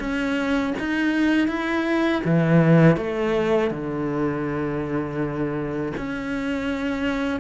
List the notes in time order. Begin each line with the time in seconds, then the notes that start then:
0.00 C#4
0.79 D#4
1.48 E4
2.25 E3
2.97 A3
3.71 D3
5.97 C#4